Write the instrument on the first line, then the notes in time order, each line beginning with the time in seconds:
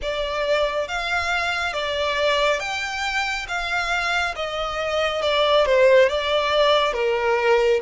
violin
0.02 D5
0.88 F5
1.73 D5
2.59 G5
3.47 F5
4.35 D#5
5.22 D5
5.65 C5
6.08 D5
6.93 A#4